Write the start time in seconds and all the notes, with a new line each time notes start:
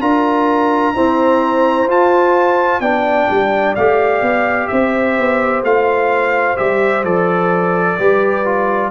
0.00 D4 F4 A#4 A#5
0.95 C4 E4 C5
1.87 F4 A5
2.80 B3 D4 D5 G5
3.30 G3
3.75 A3 G4 F5
4.22 B3
4.67 C4 C5 E5
5.19 B3
5.63 A3 F4 F5
6.57 G3 G4 E5
7.04 F3 A4 D5
7.98 G3 G4 B4
8.45 F4